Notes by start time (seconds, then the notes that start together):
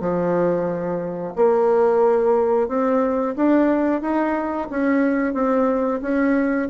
0.00 F3
1.35 A#3
2.68 C4
3.36 D4
4.01 D#4
4.70 C#4
5.34 C4
6.02 C#4